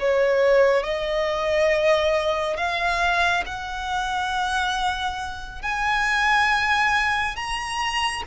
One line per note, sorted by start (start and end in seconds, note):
0.00 0.84 C#5
0.84 2.57 D#5
2.57 3.44 F5
3.47 5.62 F#5
5.62 7.36 G#5
7.36 8.23 A#5